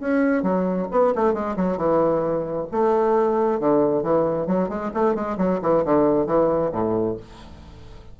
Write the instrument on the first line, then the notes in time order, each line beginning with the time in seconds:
bassoon
0.00 C#4
0.43 F#3
0.91 B3
1.15 A3
1.34 G#3
1.56 F#3
1.77 E3
2.72 A3
3.60 D3
4.03 E3
4.47 F#3
4.69 G#3
4.94 A3
5.15 G#3
5.38 F#3
5.62 E3
5.85 D3
6.26 E3
6.72 A2